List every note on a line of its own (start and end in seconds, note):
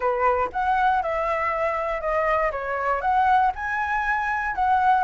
0.00 0.49 B4
0.52 1.02 F#5
1.02 2.00 E5
2.00 2.51 D#5
2.51 3.01 C#5
3.01 3.51 F#5
3.55 4.55 G#5
4.55 5.04 F#5